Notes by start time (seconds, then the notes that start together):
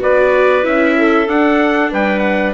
0.00 B3 F#4 B4 D5
0.62 C#4 E4 E5
0.97 A4
1.27 D4 F#5
1.91 G3 B4 G5
2.19 F#5